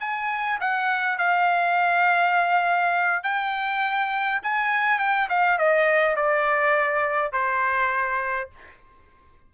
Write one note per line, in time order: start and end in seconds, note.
0.00 0.59 G#5
0.61 1.18 F#5
1.18 3.24 F5
3.24 4.41 G5
4.43 4.99 G#5
4.99 5.28 G5
5.29 5.59 F5
5.59 6.16 D#5
6.16 7.32 D5
7.32 8.50 C5